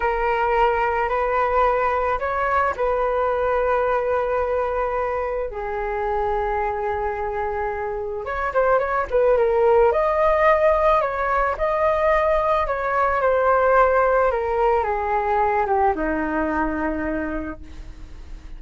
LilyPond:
\new Staff \with { instrumentName = "flute" } { \time 4/4 \tempo 4 = 109 ais'2 b'2 | cis''4 b'2.~ | b'2 gis'2~ | gis'2. cis''8 c''8 |
cis''8 b'8 ais'4 dis''2 | cis''4 dis''2 cis''4 | c''2 ais'4 gis'4~ | gis'8 g'8 dis'2. | }